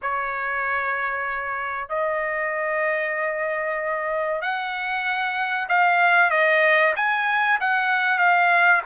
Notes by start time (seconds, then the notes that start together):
0.02 C#5
1.88 D#5
4.41 F#5
5.68 F5
6.30 D#5
6.96 G#5
7.60 F#5
8.18 F5